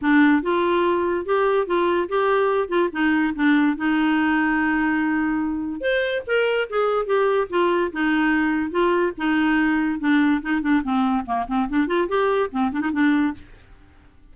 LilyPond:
\new Staff \with { instrumentName = "clarinet" } { \time 4/4 \tempo 4 = 144 d'4 f'2 g'4 | f'4 g'4. f'8 dis'4 | d'4 dis'2.~ | dis'2 c''4 ais'4 |
gis'4 g'4 f'4 dis'4~ | dis'4 f'4 dis'2 | d'4 dis'8 d'8 c'4 ais8 c'8 | d'8 f'8 g'4 c'8 d'16 dis'16 d'4 | }